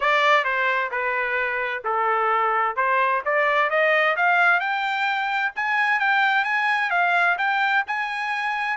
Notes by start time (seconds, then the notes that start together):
0.00 D5
0.44 C5
0.91 B4
1.84 A4
2.76 C5
3.25 D5
3.69 D#5
4.16 F5
4.59 G5
5.55 G#5
5.99 G5
6.44 G#5
6.90 F5
7.37 G5
7.87 G#5